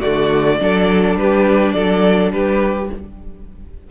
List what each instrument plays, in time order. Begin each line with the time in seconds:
0.00 cello D3, viola A3, violin F#4 D5
0.60 cello F#3, viola D4, violin A4
1.16 cello G3, violin G4 B4
1.72 cello F#3, violin A4 D5
2.32 cello G3, violin G4 B4